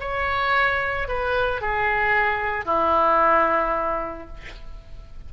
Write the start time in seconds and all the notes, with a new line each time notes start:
0.00 C#5
1.08 B4
1.61 G#4
2.66 E4